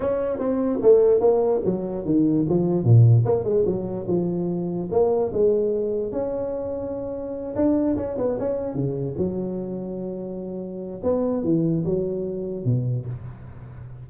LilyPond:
\new Staff \with { instrumentName = "tuba" } { \time 4/4 \tempo 4 = 147 cis'4 c'4 a4 ais4 | fis4 dis4 f4 ais,4 | ais8 gis8 fis4 f2 | ais4 gis2 cis'4~ |
cis'2~ cis'8 d'4 cis'8 | b8 cis'4 cis4 fis4.~ | fis2. b4 | e4 fis2 b,4 | }